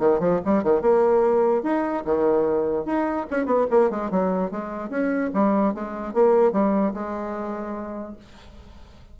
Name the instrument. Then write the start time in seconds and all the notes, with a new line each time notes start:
bassoon
0.00 D#3
0.20 F3
0.45 G3
0.64 D#3
0.82 A#3
1.64 D#4
2.06 D#3
2.86 D#4
3.31 C#4
3.46 B3
3.71 A#3
3.91 G#3
4.11 F#3
4.51 G#3
4.90 C#4
5.34 G3
5.75 G#3
6.14 A#3
6.53 G3
6.94 G#3